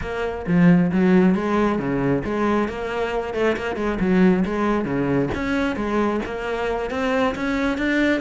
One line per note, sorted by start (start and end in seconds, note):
0.01 0.45 A#3
0.46 0.91 F3
0.91 1.34 F#3
1.34 1.78 G#3
1.78 2.23 C#3
2.24 2.68 G#3
2.68 3.34 A#3
3.34 3.56 A3
3.56 3.76 A#3
3.76 3.98 G#3
4.00 4.44 F#3
4.45 4.84 G#3
4.84 5.29 C#3
5.34 5.76 C#4
5.76 6.20 G#3
6.25 6.90 A#3
6.90 7.34 C4
7.35 7.77 C#4
7.77 8.21 D4